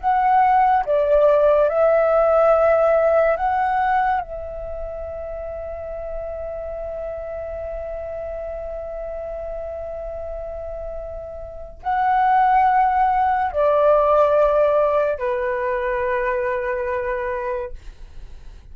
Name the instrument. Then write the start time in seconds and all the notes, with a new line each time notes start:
flute
0.00 F#5
0.85 D5
1.69 E5
3.36 F#5
4.20 E5
11.83 F#5
13.52 D5
15.18 B4